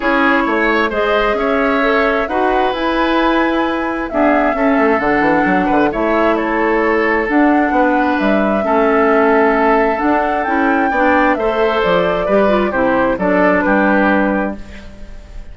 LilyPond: <<
  \new Staff \with { instrumentName = "flute" } { \time 4/4 \tempo 4 = 132 cis''2 dis''4 e''4~ | e''4 fis''4 gis''2~ | gis''4 e''2 fis''4~ | fis''4 e''4 cis''2 |
fis''2 e''2~ | e''2 fis''4 g''4~ | g''4 e''4 d''2 | c''4 d''4 b'2 | }
  \new Staff \with { instrumentName = "oboe" } { \time 4/4 gis'4 cis''4 c''4 cis''4~ | cis''4 b'2.~ | b'4 gis'4 a'2~ | a'8 b'8 cis''4 a'2~ |
a'4 b'2 a'4~ | a'1 | d''4 c''2 b'4 | g'4 a'4 g'2 | }
  \new Staff \with { instrumentName = "clarinet" } { \time 4/4 e'2 gis'2 | a'4 fis'4 e'2~ | e'4 b4 cis'4 d'4~ | d'4 e'2. |
d'2. cis'4~ | cis'2 d'4 e'4 | d'4 a'2 g'8 f'8 | e'4 d'2. | }
  \new Staff \with { instrumentName = "bassoon" } { \time 4/4 cis'4 a4 gis4 cis'4~ | cis'4 dis'4 e'2~ | e'4 d'4 cis'8 a8 d8 e8 | fis8 d8 a2. |
d'4 b4 g4 a4~ | a2 d'4 cis'4 | b4 a4 f4 g4 | c4 fis4 g2 | }
>>